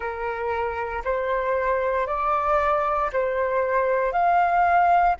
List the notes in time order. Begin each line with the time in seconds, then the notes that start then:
0.00 A#4
1.04 C5
2.06 D5
3.12 C5
4.12 F5